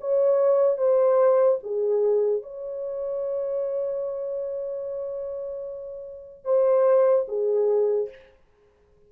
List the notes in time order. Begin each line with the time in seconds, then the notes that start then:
0.00 C#5
0.77 C5
1.63 G#4
2.43 C#5
6.45 C5
7.28 G#4